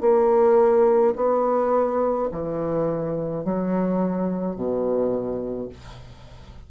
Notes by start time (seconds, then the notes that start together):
0.00 A#3
1.15 B3
2.32 E3
3.44 F#3
4.55 B2